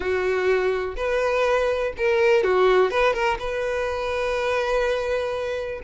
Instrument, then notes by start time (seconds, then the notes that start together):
violin
0.00 F#4
0.96 B4
1.97 A#4
2.43 F#4
2.91 B4
3.13 A#4
3.39 B4